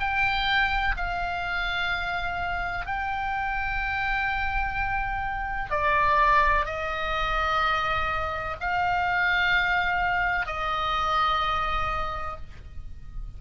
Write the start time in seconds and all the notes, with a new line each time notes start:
0.00 G5
0.97 F5
2.86 G5
5.71 D5
6.66 D#5
8.60 F5
10.46 D#5